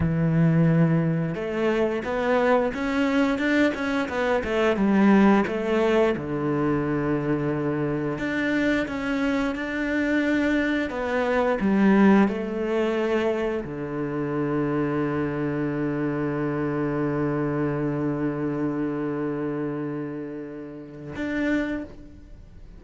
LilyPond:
\new Staff \with { instrumentName = "cello" } { \time 4/4 \tempo 4 = 88 e2 a4 b4 | cis'4 d'8 cis'8 b8 a8 g4 | a4 d2. | d'4 cis'4 d'2 |
b4 g4 a2 | d1~ | d1~ | d2. d'4 | }